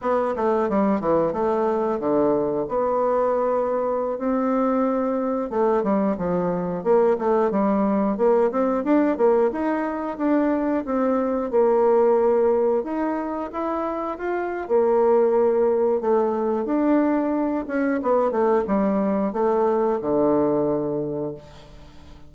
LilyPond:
\new Staff \with { instrumentName = "bassoon" } { \time 4/4 \tempo 4 = 90 b8 a8 g8 e8 a4 d4 | b2~ b16 c'4.~ c'16~ | c'16 a8 g8 f4 ais8 a8 g8.~ | g16 ais8 c'8 d'8 ais8 dis'4 d'8.~ |
d'16 c'4 ais2 dis'8.~ | dis'16 e'4 f'8. ais2 | a4 d'4. cis'8 b8 a8 | g4 a4 d2 | }